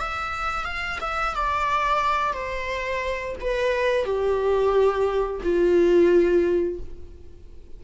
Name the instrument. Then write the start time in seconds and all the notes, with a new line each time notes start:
viola
0.00 E5
0.64 F5
1.01 E5
1.35 D5
2.33 C5
3.40 B4
4.05 G4
5.43 F4